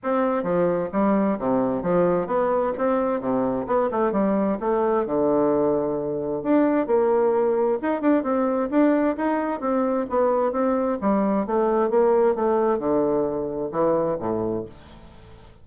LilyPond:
\new Staff \with { instrumentName = "bassoon" } { \time 4/4 \tempo 4 = 131 c'4 f4 g4 c4 | f4 b4 c'4 c4 | b8 a8 g4 a4 d4~ | d2 d'4 ais4~ |
ais4 dis'8 d'8 c'4 d'4 | dis'4 c'4 b4 c'4 | g4 a4 ais4 a4 | d2 e4 a,4 | }